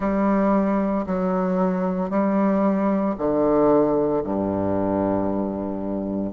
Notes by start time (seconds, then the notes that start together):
0.00 G3
1.06 F#3
2.10 G3
3.18 D3
4.23 G2